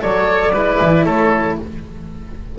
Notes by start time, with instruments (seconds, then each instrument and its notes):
0.00 double bass F#3, cello A4, oboe C#5, flute D5
0.53 double bass G#3, cello E4, oboe B4
0.81 double bass E3
1.05 double bass A3, oboe A4, flute C#5